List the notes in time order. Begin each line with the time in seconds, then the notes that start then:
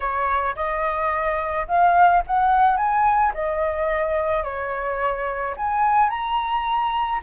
0.00 C#5
0.55 D#5
1.67 F5
2.27 F#5
2.76 G#5
3.34 D#5
4.43 C#5
5.57 G#5
6.09 A#5